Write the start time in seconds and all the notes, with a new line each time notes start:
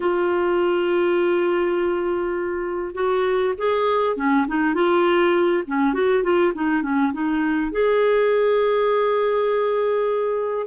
0.00 F4
2.94 F#4
3.57 G#4
4.16 C#4
4.47 D#4
4.74 F4
5.66 C#4
5.93 F#4
6.23 F4
6.54 D#4
6.82 C#4
7.13 D#4
7.71 G#4